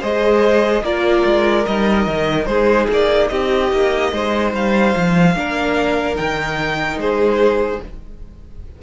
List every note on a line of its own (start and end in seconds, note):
0.00 0.82 G#3
0.00 0.83 G#4
0.00 0.82 C5
0.00 0.84 D#5
0.82 1.23 A#3
0.82 1.66 F4
0.82 2.48 A#4
0.82 1.65 D5
1.24 1.65 G#3
1.65 2.06 G3
1.65 5.36 D#4
1.65 2.45 D#5
2.06 2.46 D#3
2.45 2.87 G#3
2.45 3.30 G#4
2.45 2.86 C5
2.89 3.30 A#3
2.89 3.28 D5
3.28 3.72 C4
3.28 4.12 G4
3.28 4.51 D#5
3.72 4.12 A#3
4.12 4.53 G#3
4.12 5.36 C5
4.53 4.94 G3
4.53 6.16 F5
4.95 5.35 F3
5.35 6.17 A#3
5.35 6.15 D4
5.35 7.00 A#4
6.15 6.96 D#3
6.15 7.79 D#4
6.15 6.98 G5
6.96 7.78 G#3
6.96 7.82 G#4
6.96 7.82 C5